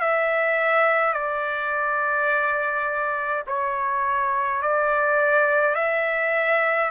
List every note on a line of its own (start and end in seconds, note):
0.00 1.13 E5
1.13 3.44 D5
3.47 4.62 C#5
4.62 5.75 D5
5.75 6.90 E5